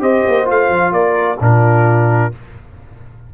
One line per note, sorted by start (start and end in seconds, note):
0.00 0.24 C4
0.00 0.45 G4
0.00 0.93 C5
0.00 0.48 D#5
0.28 0.50 A#3
0.45 0.70 A3
0.45 1.37 F4
0.45 0.93 F5
0.70 0.92 F3
0.92 1.38 A#3
0.92 1.40 A#4
0.92 1.39 D5
1.40 2.32 A#2
1.40 2.32 D4
1.40 2.33 F4
1.40 2.34 A#4